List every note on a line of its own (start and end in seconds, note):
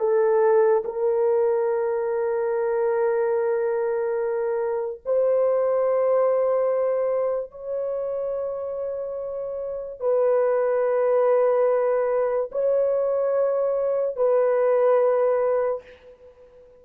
0.00 0.83 A4
0.85 5.02 A#4
5.06 7.52 C5
7.52 10.01 C#5
10.01 12.51 B4
12.52 14.16 C#5
14.16 15.83 B4